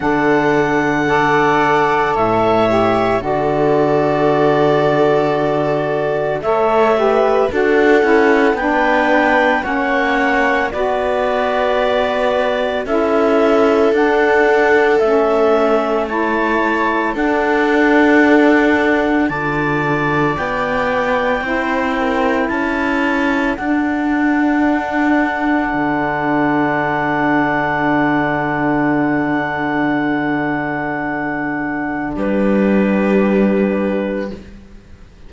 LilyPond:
<<
  \new Staff \with { instrumentName = "clarinet" } { \time 4/4 \tempo 4 = 56 fis''2 e''4 d''4~ | d''2 e''4 fis''4 | g''4 fis''4 d''2 | e''4 fis''4 e''4 a''4 |
fis''2 a''4 g''4~ | g''4 a''4 fis''2~ | fis''1~ | fis''2 b'2 | }
  \new Staff \with { instrumentName = "viola" } { \time 4/4 a'4 d''4 cis''4 a'4~ | a'2 cis''8 b'8 a'4 | b'4 cis''4 b'2 | a'2. cis''4 |
a'2 d''2 | c''8 ais'8 a'2.~ | a'1~ | a'2 g'2 | }
  \new Staff \with { instrumentName = "saxophone" } { \time 4/4 d'4 a'4. g'8 fis'4~ | fis'2 a'8 g'8 fis'8 e'8 | d'4 cis'4 fis'2 | e'4 d'4 cis'4 e'4 |
d'2 f'2 | e'2 d'2~ | d'1~ | d'1 | }
  \new Staff \with { instrumentName = "cello" } { \time 4/4 d2 a,4 d4~ | d2 a4 d'8 cis'8 | b4 ais4 b2 | cis'4 d'4 a2 |
d'2 d4 b4 | c'4 cis'4 d'2 | d1~ | d2 g2 | }
>>